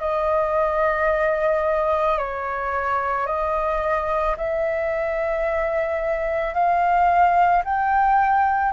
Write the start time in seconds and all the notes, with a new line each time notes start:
0.00 D#5
2.18 C#5
3.26 D#5
4.37 E5
6.54 F5
7.64 G5